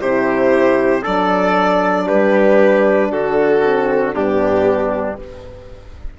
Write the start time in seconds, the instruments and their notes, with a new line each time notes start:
0.00 bassoon C3, horn E4, trumpet G4, violin C5
1.02 bassoon F#3, horn D4, trumpet A4, violin D5
2.07 bassoon G3, trumpet G4, violin B4
3.11 bassoon D3, trumpet F#4, violin A4
3.62 horn C4
4.14 bassoon G2, horn B3, trumpet D4, violin G4